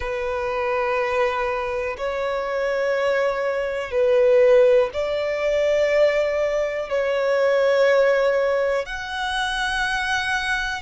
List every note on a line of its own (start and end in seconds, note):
0.00 1.96 B4
1.97 3.91 C#5
3.91 4.89 B4
4.93 6.89 D5
6.89 8.85 C#5
8.85 10.81 F#5